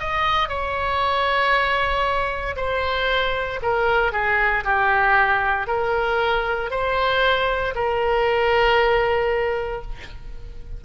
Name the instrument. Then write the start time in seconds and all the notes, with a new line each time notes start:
oboe
0.00 D#5
0.49 C#5
2.57 C5
3.63 A#4
4.13 G#4
4.65 G4
5.68 A#4
6.71 C5
7.75 A#4